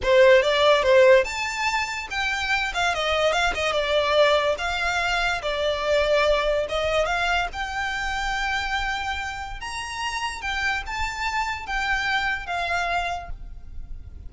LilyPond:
\new Staff \with { instrumentName = "violin" } { \time 4/4 \tempo 4 = 144 c''4 d''4 c''4 a''4~ | a''4 g''4. f''8 dis''4 | f''8 dis''8 d''2 f''4~ | f''4 d''2. |
dis''4 f''4 g''2~ | g''2. ais''4~ | ais''4 g''4 a''2 | g''2 f''2 | }